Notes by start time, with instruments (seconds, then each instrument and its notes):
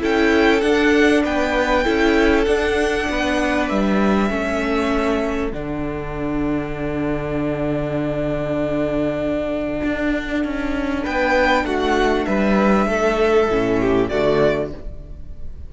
0.00 cello C#4, viola E4, violin A4 G5
0.61 cello D4, viola D4, violin F#5
1.24 cello B3, violin B4 G5
1.84 cello C#4, viola E4, violin A4
2.45 cello D4, viola D4, violin F#5
3.09 cello B3, violin B4
3.69 cello G3, violin E5
4.29 cello A3, viola C#4, violin A4
5.52 cello D3, viola D4, violin F#5
9.84 cello D4
10.45 cello C#4
11.03 cello B3, violin B4 G5
11.64 cello A3, violin F#4 F#5
12.25 cello G3, violin B4 E5
12.87 cello A3, violin A4
13.49 cello A2, viola C#4
13.80 violin G4
14.09 cello D3, viola A3, violin F#4 D5